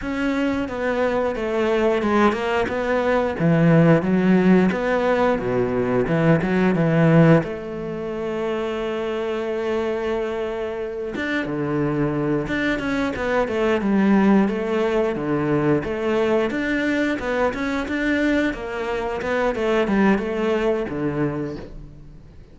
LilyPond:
\new Staff \with { instrumentName = "cello" } { \time 4/4 \tempo 4 = 89 cis'4 b4 a4 gis8 ais8 | b4 e4 fis4 b4 | b,4 e8 fis8 e4 a4~ | a1~ |
a8 d'8 d4. d'8 cis'8 b8 | a8 g4 a4 d4 a8~ | a8 d'4 b8 cis'8 d'4 ais8~ | ais8 b8 a8 g8 a4 d4 | }